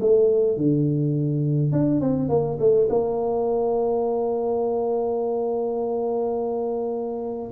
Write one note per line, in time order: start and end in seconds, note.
0.00 0.56 A3
0.56 1.72 D3
1.72 2.00 D4
2.00 2.28 C4
2.28 2.57 A#3
2.59 2.88 A3
2.89 7.51 A#3